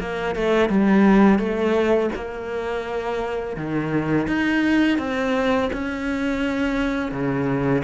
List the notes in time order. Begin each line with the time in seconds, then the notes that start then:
0.00 A#3
0.35 A3
0.69 G3
1.39 A3
2.15 A#3
3.56 D#3
4.27 D#4
4.98 C4
5.73 C#4
7.11 C#3